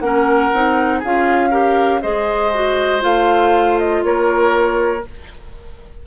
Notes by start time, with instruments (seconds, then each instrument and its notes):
0.00 bassoon A#3, clarinet C#4, oboe A#4, flute F#5
0.53 bassoon C4, clarinet D#4
0.99 bassoon C#4, clarinet F4, oboe G#4, flute F5
1.51 clarinet G4, oboe A#4
2.02 bassoon G#3, clarinet G#4, oboe C5, flute D#5
2.54 clarinet F#4
3.01 bassoon A3, clarinet F4, flute F5
3.79 flute D#5
4.03 bassoon A#3, oboe A#4, flute C#5